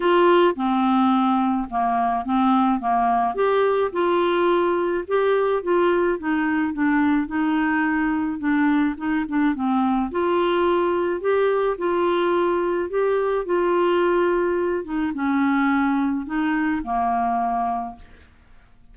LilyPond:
\new Staff \with { instrumentName = "clarinet" } { \time 4/4 \tempo 4 = 107 f'4 c'2 ais4 | c'4 ais4 g'4 f'4~ | f'4 g'4 f'4 dis'4 | d'4 dis'2 d'4 |
dis'8 d'8 c'4 f'2 | g'4 f'2 g'4 | f'2~ f'8 dis'8 cis'4~ | cis'4 dis'4 ais2 | }